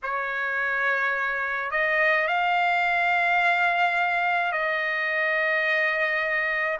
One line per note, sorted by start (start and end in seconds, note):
0.03 1.70 C#5
1.70 2.27 D#5
2.27 4.52 F5
4.52 6.78 D#5